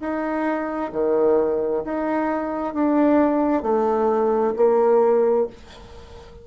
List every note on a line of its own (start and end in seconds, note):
0.00 0.91 D#4
0.93 1.83 D#3
1.85 2.74 D#4
2.74 3.63 D4
3.63 4.54 A3
4.56 5.47 A#3